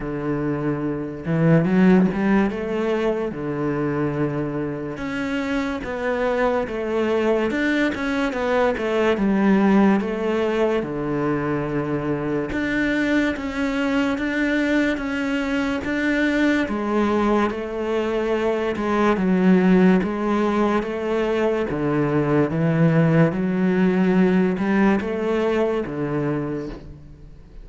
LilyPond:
\new Staff \with { instrumentName = "cello" } { \time 4/4 \tempo 4 = 72 d4. e8 fis8 g8 a4 | d2 cis'4 b4 | a4 d'8 cis'8 b8 a8 g4 | a4 d2 d'4 |
cis'4 d'4 cis'4 d'4 | gis4 a4. gis8 fis4 | gis4 a4 d4 e4 | fis4. g8 a4 d4 | }